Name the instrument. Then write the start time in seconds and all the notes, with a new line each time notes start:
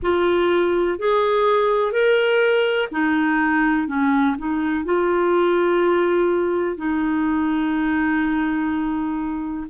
clarinet
0.02 F4
0.99 G#4
1.92 A#4
2.91 D#4
3.87 C#4
4.38 D#4
4.84 F4
6.76 D#4